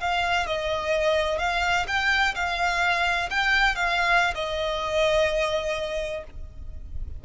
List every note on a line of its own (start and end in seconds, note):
0.00 0.46 F5
0.46 1.39 D#5
1.39 1.86 F5
1.87 2.34 G5
2.35 3.29 F5
3.30 3.75 G5
3.75 4.34 F5
4.35 6.24 D#5